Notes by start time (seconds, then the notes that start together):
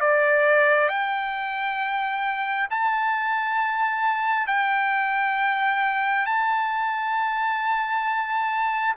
0.00 D5
0.89 G5
2.70 A5
4.47 G5
6.26 A5